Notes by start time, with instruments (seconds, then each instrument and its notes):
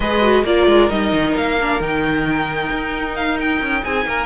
0.00 cello G#3, viola G#4, violin B4 D#5
0.21 viola F#4
0.44 cello A#3, viola F4, violin A#4 D5
0.66 cello G#3
0.89 cello G3, viola D#4, violin D#5
1.13 cello D#3
1.36 cello A#3, violin F5
1.61 viola D4
1.79 cello D#3, viola D#4, violin G5
2.70 cello D#4
3.15 violin F5
3.39 violin G5
3.61 cello C#4
3.83 cello C4, violin G#4 G#5
4.05 cello A#3, violin A#4